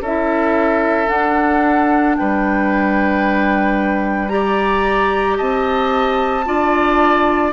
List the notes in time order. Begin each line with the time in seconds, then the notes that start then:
0.00 C#4 E4 A4 E5
1.07 D4 F#5
2.17 G3 B4 G5
4.28 G4 D5 A#5
5.37 C4 D#5 A5
6.45 D4 F4 D5